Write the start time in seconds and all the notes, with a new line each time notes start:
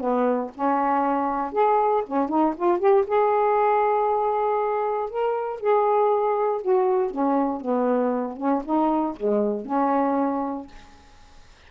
0.00 B3
0.55 C#4
1.53 G#4
2.06 C#4
2.29 D#4
2.57 F4
2.79 G4
3.07 G#4
5.10 A#4
5.60 G#4
6.62 F#4
7.11 C#4
7.61 B3
8.37 C#4
8.65 D#4
9.16 G#3
9.66 C#4